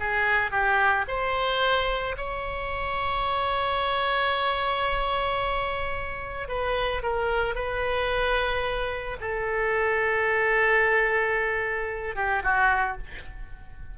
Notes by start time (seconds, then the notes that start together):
0.00 G#4
0.52 G4
1.08 C5
2.17 C#5
6.49 B4
7.03 A#4
7.55 B4
9.21 A4
12.16 G4
12.44 F#4